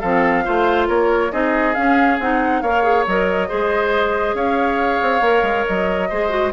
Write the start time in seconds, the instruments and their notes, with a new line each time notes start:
0.00 bassoon F3, clarinet C4, oboe A4, flute F5
0.45 bassoon A3, clarinet F4, oboe C5
0.88 bassoon A#3, oboe A#4, flute C#5
1.31 bassoon C4, clarinet D#4, oboe G#4, flute D#5
1.74 clarinet C#4, bassoon C#4, flute F5
2.19 bassoon C4, clarinet D#4, flute F#5
2.61 bassoon A#3, clarinet A#4, oboe C#5, flute F5
2.83 clarinet G#4
3.07 bassoon F#3, clarinet A#4, flute D#5
3.48 bassoon G#3, clarinet G#4, oboe C5
4.34 bassoon C#4, oboe C#5, flute F5
5.02 bassoon C4
5.21 bassoon A#3, clarinet A#4
5.43 bassoon G#3
5.67 bassoon F#3, flute D#5
6.09 bassoon G#3, clarinet G#4, oboe C5
6.29 clarinet F#4